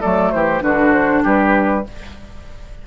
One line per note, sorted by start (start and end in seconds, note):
0.00 0.33 F#3
0.00 0.61 A3
0.00 0.31 A4
0.00 0.31 D5
0.31 0.61 E3
0.31 0.63 G4
0.31 0.61 C5
0.61 1.23 D3
0.61 1.83 D4
0.61 1.23 F#4
0.61 0.92 B4
0.92 1.22 C5
1.23 1.86 G3
1.23 1.84 G4
1.23 1.86 B4